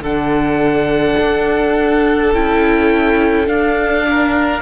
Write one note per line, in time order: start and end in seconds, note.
0.00 1.15 D3
0.00 2.35 D4
0.00 4.07 A4
0.00 2.34 F#5
1.19 2.33 D4
2.33 3.48 C#4
2.33 3.47 E4
2.33 3.48 G5
3.47 4.62 D4
3.47 4.62 F5
4.10 4.62 A#4